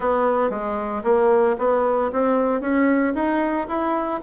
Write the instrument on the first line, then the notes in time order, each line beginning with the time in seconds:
bassoon
0.00 B3
0.50 G#3
1.03 A#3
1.58 B3
2.12 C4
2.61 C#4
3.14 D#4
3.67 E4